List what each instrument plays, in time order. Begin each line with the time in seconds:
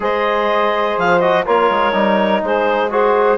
0.00 bassoon G#3, trombone G#4, saxophone C5, clarinet D#5
0.97 bassoon F3, clarinet F5
1.19 trombone F#4, clarinet D#5
1.45 bassoon A#3, trombone F4, saxophone A#4, clarinet C#5
1.70 bassoon G#3
1.92 bassoon G3, trombone D#4
2.42 bassoon G#3, saxophone G#4, clarinet C5
2.89 trombone F#4, clarinet G#4, saxophone C5